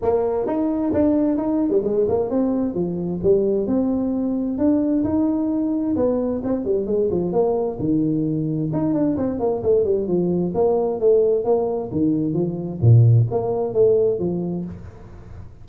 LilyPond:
\new Staff \with { instrumentName = "tuba" } { \time 4/4 \tempo 4 = 131 ais4 dis'4 d'4 dis'8. g16 | gis8 ais8 c'4 f4 g4 | c'2 d'4 dis'4~ | dis'4 b4 c'8 g8 gis8 f8 |
ais4 dis2 dis'8 d'8 | c'8 ais8 a8 g8 f4 ais4 | a4 ais4 dis4 f4 | ais,4 ais4 a4 f4 | }